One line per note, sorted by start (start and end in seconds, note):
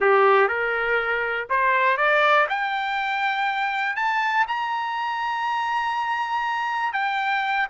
0.00 0.48 G4
0.48 1.47 A#4
1.49 1.97 C5
1.97 2.46 D5
2.49 3.95 G5
3.95 4.45 A5
4.47 6.92 A#5
6.92 7.67 G5